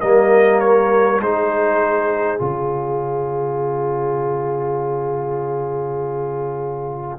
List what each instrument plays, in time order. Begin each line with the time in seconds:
0.00 tuba G3, trombone A#3, horn A#4, trumpet D#5
0.60 trumpet C#5
1.20 tuba G#3, trombone D#4, horn G#4, trumpet C5
2.39 tuba C#3, trombone F4, trumpet C#5